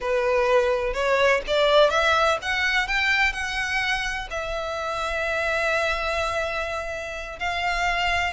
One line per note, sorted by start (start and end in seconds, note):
0.00 0.93 B4
0.93 1.41 C#5
1.47 1.90 D5
1.90 2.37 E5
2.42 2.87 F#5
2.87 3.32 G5
3.32 4.28 F#5
4.30 7.39 E5
7.39 8.33 F5